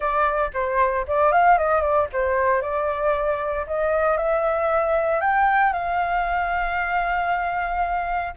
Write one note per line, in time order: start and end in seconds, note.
0.00 0.50 D5
0.53 1.06 C5
1.07 1.32 D5
1.32 1.58 F5
1.58 1.81 D#5
1.81 2.07 D5
2.12 2.61 C5
2.61 3.65 D5
3.66 4.17 D#5
4.17 5.20 E5
5.20 5.72 G5
5.72 8.33 F5